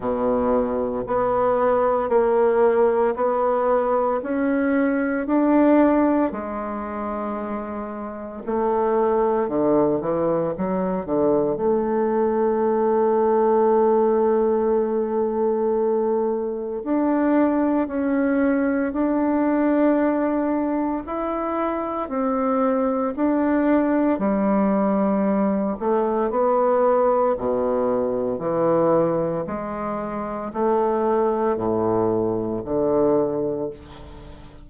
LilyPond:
\new Staff \with { instrumentName = "bassoon" } { \time 4/4 \tempo 4 = 57 b,4 b4 ais4 b4 | cis'4 d'4 gis2 | a4 d8 e8 fis8 d8 a4~ | a1 |
d'4 cis'4 d'2 | e'4 c'4 d'4 g4~ | g8 a8 b4 b,4 e4 | gis4 a4 a,4 d4 | }